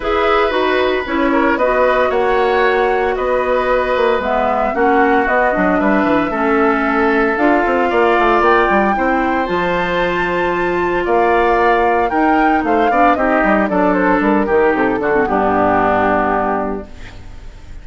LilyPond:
<<
  \new Staff \with { instrumentName = "flute" } { \time 4/4 \tempo 4 = 114 e''4 b'4 cis''4 dis''4 | fis''2 dis''2 | e''4 fis''4 dis''4 e''4~ | e''2 f''2 |
g''2 a''2~ | a''4 f''2 g''4 | f''4 dis''4 d''8 c''8 ais'4 | a'4 g'2. | }
  \new Staff \with { instrumentName = "oboe" } { \time 4/4 b'2~ b'8 ais'8 b'4 | cis''2 b'2~ | b'4 fis'2 b'4 | a'2. d''4~ |
d''4 c''2.~ | c''4 d''2 ais'4 | c''8 d''8 g'4 a'4. g'8~ | g'8 fis'8 d'2. | }
  \new Staff \with { instrumentName = "clarinet" } { \time 4/4 gis'4 fis'4 e'4 fis'4~ | fis'1 | b4 cis'4 b8 d'4. | cis'2 f'2~ |
f'4 e'4 f'2~ | f'2. dis'4~ | dis'8 d'8 dis'4 d'4. dis'8~ | dis'8 d'16 c'16 b2. | }
  \new Staff \with { instrumentName = "bassoon" } { \time 4/4 e'4 dis'4 cis'4 b4 | ais2 b4. ais8 | gis4 ais4 b8 fis8 g8 e8 | a2 d'8 c'8 ais8 a8 |
ais8 g8 c'4 f2~ | f4 ais2 dis'4 | a8 b8 c'8 g8 fis4 g8 dis8 | c8 d8 g,2. | }
>>